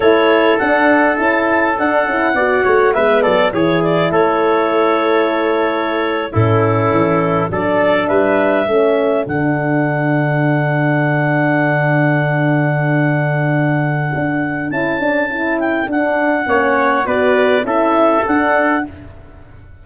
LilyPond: <<
  \new Staff \with { instrumentName = "clarinet" } { \time 4/4 \tempo 4 = 102 cis''4 fis''4 a''4 fis''4~ | fis''4 e''8 d''8 cis''8 d''8 cis''4~ | cis''2~ cis''8. a'4~ a'16~ | a'8. d''4 e''2 fis''16~ |
fis''1~ | fis''1~ | fis''4 a''4. g''8 fis''4~ | fis''4 d''4 e''4 fis''4 | }
  \new Staff \with { instrumentName = "trumpet" } { \time 4/4 a'1 | d''8 cis''8 b'8 a'8 gis'4 a'4~ | a'2~ a'8. e'4~ e'16~ | e'8. a'4 b'4 a'4~ a'16~ |
a'1~ | a'1~ | a'1 | cis''4 b'4 a'2 | }
  \new Staff \with { instrumentName = "horn" } { \time 4/4 e'4 d'4 e'4 d'8 e'8 | fis'4 b4 e'2~ | e'2~ e'8. cis'4~ cis'16~ | cis'8. d'2 cis'4 d'16~ |
d'1~ | d'1~ | d'4 e'8 d'8 e'4 d'4 | cis'4 fis'4 e'4 d'4 | }
  \new Staff \with { instrumentName = "tuba" } { \time 4/4 a4 d'4 cis'4 d'8 cis'8 | b8 a8 gis8 fis8 e4 a4~ | a2~ a8. a,4 e16~ | e8. fis4 g4 a4 d16~ |
d1~ | d1 | d'4 cis'2 d'4 | ais4 b4 cis'4 d'4 | }
>>